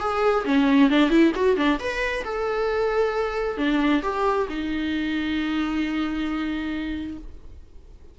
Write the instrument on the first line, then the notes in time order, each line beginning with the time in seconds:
viola
0.00 G#4
0.45 C#4
0.90 D4
1.10 E4
1.35 F#4
1.57 D4
1.79 B4
2.24 A4
3.58 D4
4.03 G4
4.49 D#4